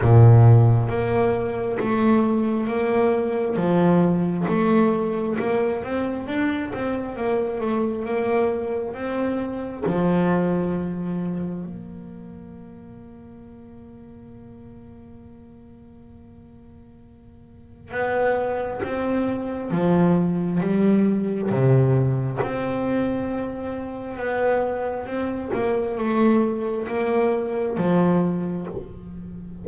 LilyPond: \new Staff \with { instrumentName = "double bass" } { \time 4/4 \tempo 4 = 67 ais,4 ais4 a4 ais4 | f4 a4 ais8 c'8 d'8 c'8 | ais8 a8 ais4 c'4 f4~ | f4 ais2.~ |
ais1 | b4 c'4 f4 g4 | c4 c'2 b4 | c'8 ais8 a4 ais4 f4 | }